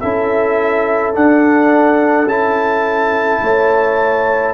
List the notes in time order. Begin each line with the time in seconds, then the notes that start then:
0.00 C#4 E4 A4 E5
1.14 D4 F#5
2.26 C#4 E4 A5
3.42 A3 C#5